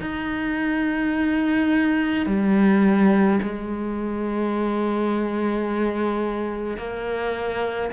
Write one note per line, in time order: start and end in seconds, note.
0.00 2.26 D#4
2.26 3.39 G3
3.42 6.77 G#3
6.77 7.90 A#3